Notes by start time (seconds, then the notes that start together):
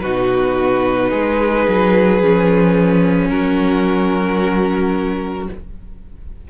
0.00 B2 D#4 F#4 B4
1.10 G#3 G#4
1.68 F#3
2.21 F3 C#4
3.29 F#3 F#4 A#4